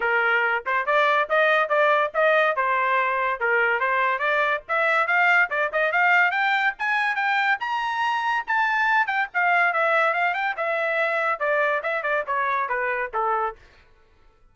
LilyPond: \new Staff \with { instrumentName = "trumpet" } { \time 4/4 \tempo 4 = 142 ais'4. c''8 d''4 dis''4 | d''4 dis''4 c''2 | ais'4 c''4 d''4 e''4 | f''4 d''8 dis''8 f''4 g''4 |
gis''4 g''4 ais''2 | a''4. g''8 f''4 e''4 | f''8 g''8 e''2 d''4 | e''8 d''8 cis''4 b'4 a'4 | }